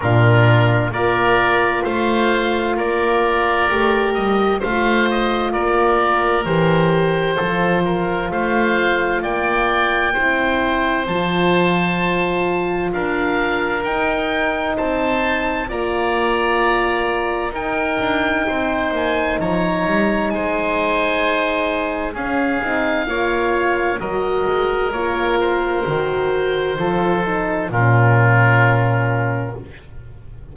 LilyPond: <<
  \new Staff \with { instrumentName = "oboe" } { \time 4/4 \tempo 4 = 65 ais'4 d''4 f''4 d''4~ | d''8 dis''8 f''8 dis''8 d''4 c''4~ | c''4 f''4 g''2 | a''2 f''4 g''4 |
a''4 ais''2 g''4~ | g''8 gis''8 ais''4 gis''2 | f''2 dis''4 cis''8 c''8~ | c''2 ais'2 | }
  \new Staff \with { instrumentName = "oboe" } { \time 4/4 f'4 ais'4 c''4 ais'4~ | ais'4 c''4 ais'2 | a'8 ais'8 c''4 d''4 c''4~ | c''2 ais'2 |
c''4 d''2 ais'4 | c''4 cis''4 c''2 | gis'4 cis''4 ais'2~ | ais'4 a'4 f'2 | }
  \new Staff \with { instrumentName = "horn" } { \time 4/4 d'4 f'2. | g'4 f'2 g'4 | f'2. e'4 | f'2. dis'4~ |
dis'4 f'2 dis'4~ | dis'1 | cis'8 dis'8 f'4 fis'4 f'4 | fis'4 f'8 dis'8 cis'2 | }
  \new Staff \with { instrumentName = "double bass" } { \time 4/4 ais,4 ais4 a4 ais4 | a8 g8 a4 ais4 e4 | f4 a4 ais4 c'4 | f2 d'4 dis'4 |
c'4 ais2 dis'8 d'8 | c'8 ais8 f8 g8 gis2 | cis'8 c'8 ais4 fis8 gis8 ais4 | dis4 f4 ais,2 | }
>>